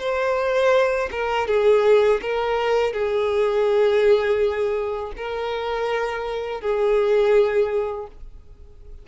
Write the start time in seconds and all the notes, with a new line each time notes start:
0.00 C5
1.12 A#4
1.48 G#4
2.22 A#4
2.93 G#4
5.17 A#4
6.61 G#4